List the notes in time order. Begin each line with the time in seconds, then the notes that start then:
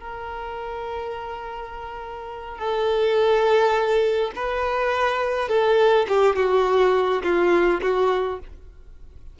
0.00 A#4
2.59 A4
4.36 B4
5.49 A4
6.09 G4
6.36 F#4
7.23 F4
7.82 F#4